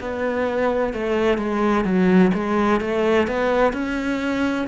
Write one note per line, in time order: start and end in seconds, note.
0.00 0.93 B3
0.93 1.38 A3
1.38 1.85 G#3
1.85 2.31 F#3
2.34 2.80 G#3
2.80 3.27 A3
3.27 3.73 B3
3.73 4.67 C#4